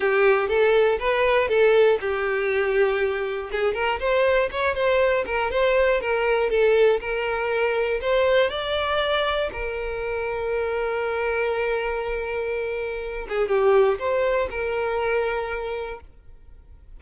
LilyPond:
\new Staff \with { instrumentName = "violin" } { \time 4/4 \tempo 4 = 120 g'4 a'4 b'4 a'4 | g'2. gis'8 ais'8 | c''4 cis''8 c''4 ais'8 c''4 | ais'4 a'4 ais'2 |
c''4 d''2 ais'4~ | ais'1~ | ais'2~ ais'8 gis'8 g'4 | c''4 ais'2. | }